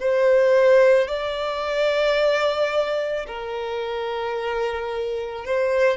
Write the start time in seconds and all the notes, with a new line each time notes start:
0.00 C5
1.08 D5
3.27 A#4
5.45 C5